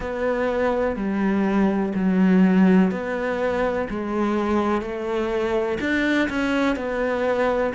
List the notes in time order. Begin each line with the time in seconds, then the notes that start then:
0.00 B3
0.95 G3
1.94 F#3
2.91 B3
3.89 G#3
4.81 A3
5.80 D4
6.29 C#4
6.76 B3